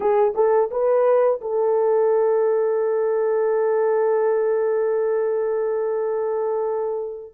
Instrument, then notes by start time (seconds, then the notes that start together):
horn
0.00 G#4
0.35 A4
0.70 B4
1.41 A4